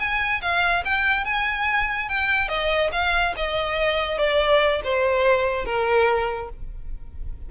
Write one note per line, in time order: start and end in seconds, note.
0.00 0.42 G#5
0.42 0.84 F5
0.85 1.25 G5
1.25 2.09 G#5
2.09 2.49 G5
2.49 2.91 D#5
2.93 3.35 F5
3.37 4.19 D#5
4.19 4.82 D5
4.85 5.66 C5
5.66 6.50 A#4